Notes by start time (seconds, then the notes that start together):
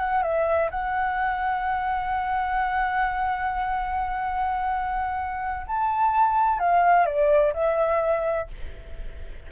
0.00 F#5
0.23 E5
0.71 F#5
5.68 A5
6.59 F5
7.07 D5
7.54 E5